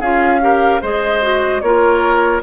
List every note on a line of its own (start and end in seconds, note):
0.00 0.81 C#4
0.00 0.41 F4
0.00 0.40 G#4
0.00 0.81 F5
0.41 0.81 G4
0.41 0.82 A#4
0.82 1.62 G#3
0.82 1.22 G#4
0.82 1.62 C5
0.82 1.61 D#5
1.22 1.62 F#4
1.61 2.42 A#3
1.61 2.43 F4
1.61 2.43 A#4
1.61 2.41 C#5